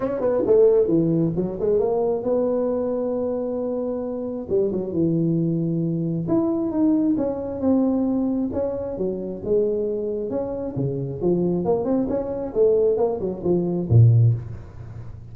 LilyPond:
\new Staff \with { instrumentName = "tuba" } { \time 4/4 \tempo 4 = 134 cis'8 b8 a4 e4 fis8 gis8 | ais4 b2.~ | b2 g8 fis8 e4~ | e2 e'4 dis'4 |
cis'4 c'2 cis'4 | fis4 gis2 cis'4 | cis4 f4 ais8 c'8 cis'4 | a4 ais8 fis8 f4 ais,4 | }